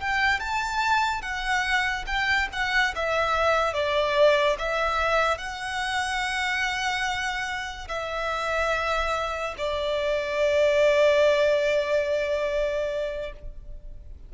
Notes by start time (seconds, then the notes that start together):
0.00 G5
0.40 A5
1.22 F#5
2.06 G5
2.52 F#5
2.95 E5
3.73 D5
4.58 E5
5.38 F#5
7.88 E5
9.58 D5